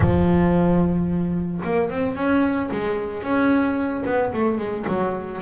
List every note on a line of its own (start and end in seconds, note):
0.00 1.61 F3
1.63 1.89 A#3
1.89 2.15 C4
2.15 2.69 C#4
2.71 3.23 G#3
3.23 4.04 C#4
4.05 4.32 B3
4.33 4.58 A3
4.58 4.85 G#3
4.87 5.41 F#3